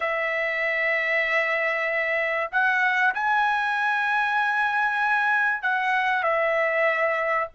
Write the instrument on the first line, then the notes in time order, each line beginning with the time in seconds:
trumpet
0.00 E5
2.51 F#5
3.14 G#5
5.62 F#5
6.23 E5